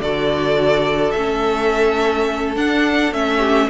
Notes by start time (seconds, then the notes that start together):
0.00 D3 F#4 A4 D5
1.11 A3 C#4 E5
2.56 D4 F#5
3.12 A3 C#4 E5
3.37 G4